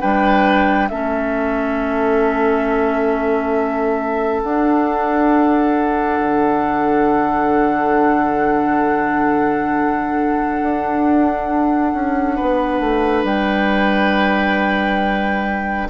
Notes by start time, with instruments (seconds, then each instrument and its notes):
0.00 bassoon G3, clarinet D4, oboe B4, flute G5
0.88 bassoon A3, clarinet C#4, oboe A4, flute E5
4.43 bassoon D4, clarinet D4, flute F#5
6.20 bassoon D3
10.61 bassoon D4
11.93 bassoon C#4
12.35 oboe B4
12.41 bassoon B3
12.80 bassoon A3
13.24 bassoon G3, flute G5